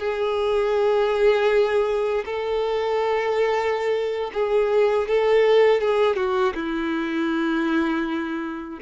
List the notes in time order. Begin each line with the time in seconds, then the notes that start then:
0.00 G#4
2.26 A4
4.34 G#4
5.09 A4
5.81 G#4
6.17 F#4
6.55 E4